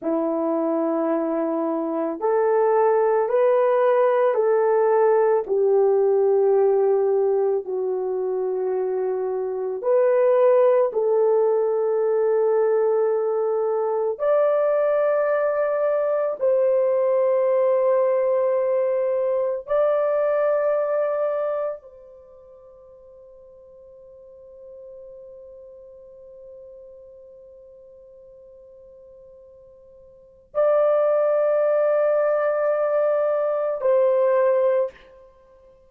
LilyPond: \new Staff \with { instrumentName = "horn" } { \time 4/4 \tempo 4 = 55 e'2 a'4 b'4 | a'4 g'2 fis'4~ | fis'4 b'4 a'2~ | a'4 d''2 c''4~ |
c''2 d''2 | c''1~ | c''1 | d''2. c''4 | }